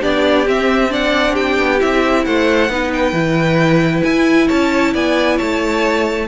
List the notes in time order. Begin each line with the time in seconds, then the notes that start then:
0.00 B3 D4 G4 D5
0.45 C4 E5
0.89 D4 D5 F#5
1.33 G4 G5
1.58 B3
1.79 C4 E4 E5
2.24 A3 C5 F#5
2.69 B3 D#4 B4
2.92 G5
3.12 E3 E4
4.03 E4 G#5
4.47 C#4 C#5 A5
4.93 B3 D5 G#5
5.36 A3 C#5 A5